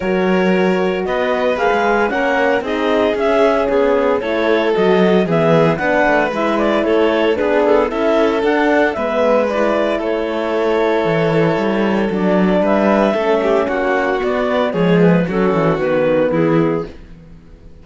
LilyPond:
<<
  \new Staff \with { instrumentName = "clarinet" } { \time 4/4 \tempo 4 = 114 cis''2 dis''4 f''4 | fis''4 dis''4 e''4 gis'4 | cis''4 dis''4 e''4 fis''4 | e''8 d''8 cis''4 b'8 a'8 e''4 |
fis''4 e''4 d''4 cis''4~ | cis''2. d''4 | e''2 fis''4 d''4 | cis''8 b'8 a'4 b'4 gis'4 | }
  \new Staff \with { instrumentName = "violin" } { \time 4/4 ais'2 b'2 | ais'4 gis'2. | a'2 gis'4 b'4~ | b'4 a'4 gis'4 a'4~ |
a'4 b'2 a'4~ | a'1 | b'4 a'8 g'8 fis'2 | gis'4 fis'2 e'4 | }
  \new Staff \with { instrumentName = "horn" } { \time 4/4 fis'2. gis'4 | cis'4 dis'4 cis'2 | e'4 fis'4 b4 d'4 | e'2 d'4 e'4 |
d'4 b4 e'2~ | e'2. d'4~ | d'4 cis'2 b4 | gis4 cis'4 b2 | }
  \new Staff \with { instrumentName = "cello" } { \time 4/4 fis2 b4 ais16 gis8. | ais4 c'4 cis'4 b4 | a4 fis4 e4 b8 a8 | gis4 a4 b4 cis'4 |
d'4 gis2 a4~ | a4 e4 g4 fis4 | g4 a4 ais4 b4 | f4 fis8 e8 dis4 e4 | }
>>